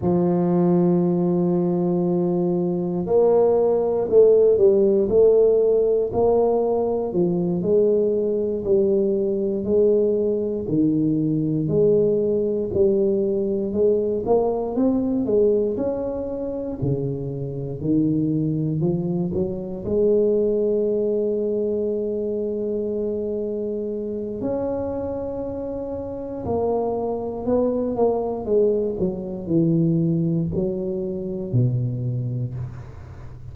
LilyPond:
\new Staff \with { instrumentName = "tuba" } { \time 4/4 \tempo 4 = 59 f2. ais4 | a8 g8 a4 ais4 f8 gis8~ | gis8 g4 gis4 dis4 gis8~ | gis8 g4 gis8 ais8 c'8 gis8 cis'8~ |
cis'8 cis4 dis4 f8 fis8 gis8~ | gis1 | cis'2 ais4 b8 ais8 | gis8 fis8 e4 fis4 b,4 | }